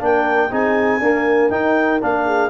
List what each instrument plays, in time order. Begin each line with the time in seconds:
0.00 tuba A#3, trombone D4, horn A#4, clarinet G5
0.50 tuba C4, trombone D#4, horn G#4, clarinet G#5
1.01 trombone A#3, tuba D4, horn A#4
1.50 trombone D#4, tuba D#4, clarinet G5
2.01 tuba A#3, trombone D4, clarinet F5
2.25 horn G#4